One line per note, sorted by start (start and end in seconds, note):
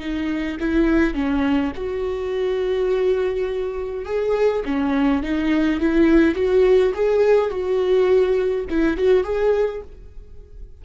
0.00 0.58 D#4
0.60 1.15 E4
1.15 1.72 C#4
1.76 4.06 F#4
4.06 4.63 G#4
4.65 5.23 C#4
5.23 5.81 D#4
5.81 6.35 E4
6.35 6.93 F#4
6.95 7.50 G#4
7.50 8.66 F#4
8.70 8.97 E4
8.97 9.24 F#4
9.24 9.82 G#4